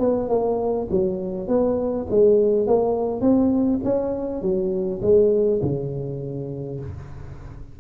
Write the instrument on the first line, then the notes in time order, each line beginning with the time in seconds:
tuba
0.00 B3
0.29 A#3
0.91 F#3
1.48 B3
2.10 G#3
2.67 A#3
3.21 C4
3.84 C#4
4.42 F#3
5.02 G#3
5.63 C#3